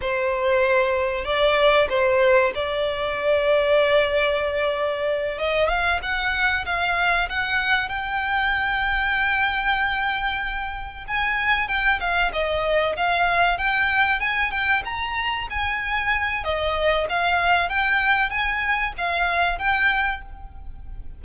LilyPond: \new Staff \with { instrumentName = "violin" } { \time 4/4 \tempo 4 = 95 c''2 d''4 c''4 | d''1~ | d''8 dis''8 f''8 fis''4 f''4 fis''8~ | fis''8 g''2.~ g''8~ |
g''4. gis''4 g''8 f''8 dis''8~ | dis''8 f''4 g''4 gis''8 g''8 ais''8~ | ais''8 gis''4. dis''4 f''4 | g''4 gis''4 f''4 g''4 | }